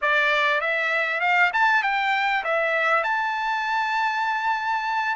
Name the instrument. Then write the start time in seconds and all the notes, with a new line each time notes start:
trumpet
0.01 D5
0.61 E5
1.20 F5
1.53 A5
1.82 G5
2.44 E5
3.03 A5